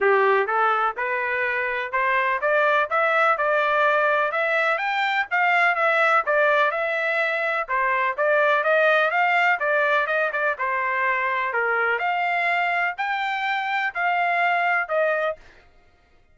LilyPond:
\new Staff \with { instrumentName = "trumpet" } { \time 4/4 \tempo 4 = 125 g'4 a'4 b'2 | c''4 d''4 e''4 d''4~ | d''4 e''4 g''4 f''4 | e''4 d''4 e''2 |
c''4 d''4 dis''4 f''4 | d''4 dis''8 d''8 c''2 | ais'4 f''2 g''4~ | g''4 f''2 dis''4 | }